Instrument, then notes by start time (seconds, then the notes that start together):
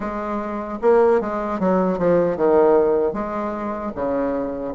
bassoon
0.00 G#3
0.81 A#3
1.20 G#3
1.59 F#3
1.98 F3
2.36 D#3
3.13 G#3
3.95 C#3